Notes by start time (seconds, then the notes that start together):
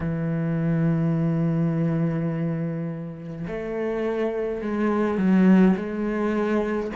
0.00 E3
3.47 A3
4.61 G#3
5.17 F#3
5.76 G#3